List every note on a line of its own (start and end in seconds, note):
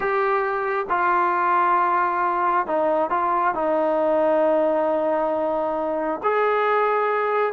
0.00 0.86 G4
0.89 2.66 F4
2.66 3.10 D#4
3.10 3.54 F4
3.54 6.21 D#4
6.23 7.53 G#4